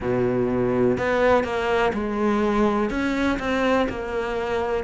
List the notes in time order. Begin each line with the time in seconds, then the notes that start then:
0.00 B2
0.97 B3
1.44 A#3
1.93 G#3
2.89 C#4
3.39 C4
3.89 A#3